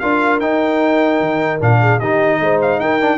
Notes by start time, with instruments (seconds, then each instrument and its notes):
0.00 tuba D4, trombone F4, horn A#4, trumpet F5
0.40 tuba D#4, trombone D#4, trumpet G5
1.21 tuba D#3
1.61 tuba A#2, trombone D4, trumpet F5
1.81 horn G#4
2.00 tuba D#3, trombone D#4, horn G4, trumpet D#5
2.40 tuba G#3, horn C5
2.62 trumpet F5
2.80 tuba D#4, horn A#4, trumpet G5
3.01 trombone D4